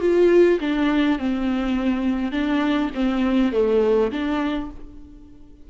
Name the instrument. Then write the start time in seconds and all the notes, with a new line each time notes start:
viola
0.00 F4
0.60 D4
1.18 C4
2.31 D4
2.94 C4
3.52 A3
4.11 D4